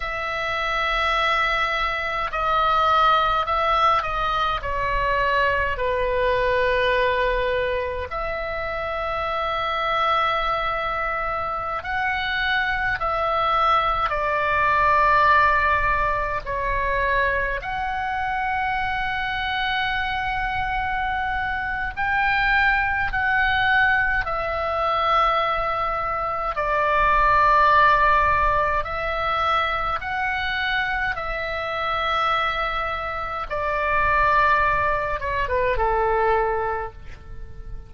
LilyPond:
\new Staff \with { instrumentName = "oboe" } { \time 4/4 \tempo 4 = 52 e''2 dis''4 e''8 dis''8 | cis''4 b'2 e''4~ | e''2~ e''16 fis''4 e''8.~ | e''16 d''2 cis''4 fis''8.~ |
fis''2. g''4 | fis''4 e''2 d''4~ | d''4 e''4 fis''4 e''4~ | e''4 d''4. cis''16 b'16 a'4 | }